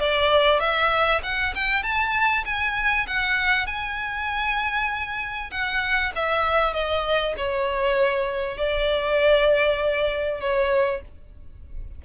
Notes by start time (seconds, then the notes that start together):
0.00 D5
0.60 E5
1.23 F#5
1.55 G5
1.83 A5
2.45 G#5
3.07 F#5
3.67 G#5
5.51 F#5
6.15 E5
6.73 D#5
7.37 C#5
8.57 D5
10.41 C#5